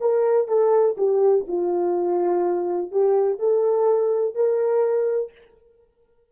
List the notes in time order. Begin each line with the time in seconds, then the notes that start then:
0.00 A#4
0.48 A4
0.97 G4
1.47 F4
2.91 G4
3.38 A4
4.35 A#4